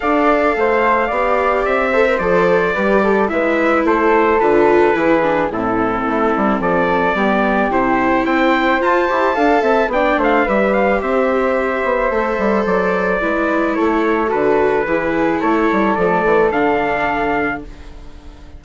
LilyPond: <<
  \new Staff \with { instrumentName = "trumpet" } { \time 4/4 \tempo 4 = 109 f''2. e''4 | d''2 e''4 c''4 | b'2 a'2 | d''2 c''4 g''4 |
a''2 g''8 f''8 e''8 f''8 | e''2. d''4~ | d''4 cis''4 b'2 | cis''4 d''4 f''2 | }
  \new Staff \with { instrumentName = "flute" } { \time 4/4 d''4 c''4 d''4. c''8~ | c''4 b'8 a'8 b'4 a'4~ | a'4 gis'4 e'2 | a'4 g'2 c''4~ |
c''4 f''8 e''8 d''8 c''8 b'4 | c''1 | b'4 a'2 gis'4 | a'1 | }
  \new Staff \with { instrumentName = "viola" } { \time 4/4 a'2 g'4. a'16 ais'16 | a'4 g'4 e'2 | f'4 e'8 d'8 c'2~ | c'4 b4 e'2 |
f'8 g'8 a'4 d'4 g'4~ | g'2 a'2 | e'2 fis'4 e'4~ | e'4 a4 d'2 | }
  \new Staff \with { instrumentName = "bassoon" } { \time 4/4 d'4 a4 b4 c'4 | f4 g4 gis4 a4 | d4 e4 a,4 a8 g8 | f4 g4 c4 c'4 |
f'8 e'8 d'8 c'8 b8 a8 g4 | c'4. b8 a8 g8 fis4 | gis4 a4 d4 e4 | a8 g8 f8 e8 d2 | }
>>